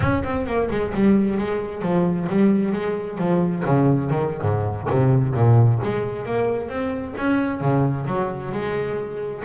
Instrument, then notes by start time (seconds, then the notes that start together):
double bass
0.00 C#4
0.23 C4
0.46 A#3
0.70 G#3
0.94 G3
1.37 G#3
1.82 F3
2.29 G3
2.72 G#3
3.17 F3
3.65 C#3
4.10 D#3
4.41 G#2
4.90 C3
5.34 A#2
5.83 G#3
6.25 A#3
6.69 C4
7.17 C#4
7.60 C#3
8.06 F#3
8.51 G#3